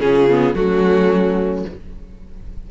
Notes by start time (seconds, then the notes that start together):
0.00 C#3 C#4 F4 G#4
0.30 B3
0.54 F#3 A3 C#4 F#4